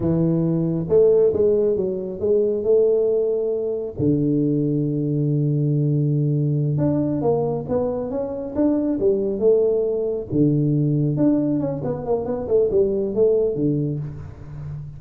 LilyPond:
\new Staff \with { instrumentName = "tuba" } { \time 4/4 \tempo 4 = 137 e2 a4 gis4 | fis4 gis4 a2~ | a4 d2.~ | d2.~ d8 d'8~ |
d'8 ais4 b4 cis'4 d'8~ | d'8 g4 a2 d8~ | d4. d'4 cis'8 b8 ais8 | b8 a8 g4 a4 d4 | }